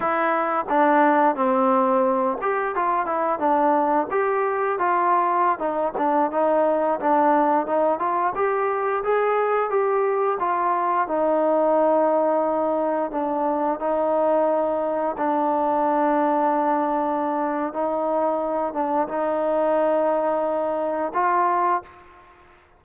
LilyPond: \new Staff \with { instrumentName = "trombone" } { \time 4/4 \tempo 4 = 88 e'4 d'4 c'4. g'8 | f'8 e'8 d'4 g'4 f'4~ | f'16 dis'8 d'8 dis'4 d'4 dis'8 f'16~ | f'16 g'4 gis'4 g'4 f'8.~ |
f'16 dis'2. d'8.~ | d'16 dis'2 d'4.~ d'16~ | d'2 dis'4. d'8 | dis'2. f'4 | }